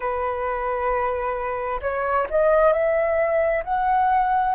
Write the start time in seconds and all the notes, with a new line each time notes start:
0.00 B4
1.81 C#5
2.30 D#5
2.72 E5
3.64 F#5